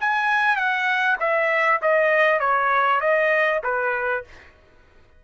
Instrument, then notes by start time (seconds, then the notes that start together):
trumpet
0.00 G#5
0.56 F#5
1.20 E5
1.82 D#5
2.40 C#5
3.00 D#5
3.63 B4